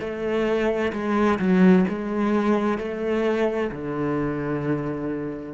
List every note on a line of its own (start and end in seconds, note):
0.00 0.92 A3
0.93 1.39 G#3
1.39 1.85 F#3
1.89 2.78 G#3
2.78 3.70 A3
3.72 5.53 D3